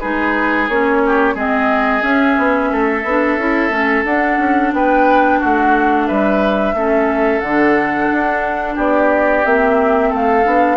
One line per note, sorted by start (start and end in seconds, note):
0.00 0.69 G#3
0.00 0.69 D#4
0.00 1.01 G#4
0.00 0.67 B4
0.68 1.35 A#3
0.68 1.35 C#4
0.68 1.36 C#5
1.06 1.34 G4
1.34 2.02 G#3
1.34 2.01 C4
1.34 2.69 G#4
1.34 2.02 D#5
2.01 3.02 C#4
2.01 2.36 C#4
2.01 4.04 E5
2.38 2.71 B3
2.71 3.03 A3
2.71 4.74 A4
3.03 3.37 B3
3.03 3.39 D4
3.37 3.69 C#4
3.37 3.70 E4
3.69 4.03 A3
3.69 4.04 C#4
4.04 4.38 D4
4.04 6.75 D4
4.04 4.72 F#5
4.38 4.72 C#4
4.73 5.40 B3
4.73 5.39 B4
4.73 5.41 G5
5.39 6.10 A3
5.39 6.07 F#4
5.39 6.07 F#5
6.07 6.74 G3
6.07 6.75 B4
6.07 7.40 E5
6.74 7.41 A3
6.74 7.43 C#4
6.74 8.75 A4
7.40 8.09 D3
7.40 9.44 D4
7.40 8.75 F#5
8.12 8.77 D4
8.75 9.44 B3
8.75 10.09 G4
8.75 9.45 D5
9.44 10.12 A#3
9.44 10.44 C4
9.44 10.13 E5
10.09 10.46 A3
10.09 10.76 A4
10.09 10.77 F5
10.44 10.77 B3
10.44 10.77 D4